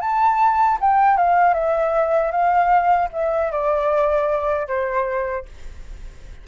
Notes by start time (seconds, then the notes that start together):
0.00 A5
0.80 G5
1.17 F5
1.54 E5
2.31 F5
3.12 E5
3.51 D5
4.67 C5